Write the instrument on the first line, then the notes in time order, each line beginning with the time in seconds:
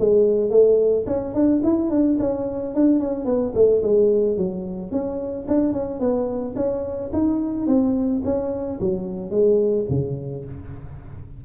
tuba
0.00 G#3
0.51 A3
1.07 C#4
1.35 D4
1.64 E4
1.91 D4
2.20 C#4
2.75 D4
3.00 C#4
3.26 B3
3.55 A3
3.83 G#3
4.38 F#3
4.92 C#4
5.48 D4
5.73 C#4
6.00 B3
6.57 C#4
7.13 D#4
7.68 C4
8.25 C#4
8.81 F#3
9.31 G#3
9.90 C#3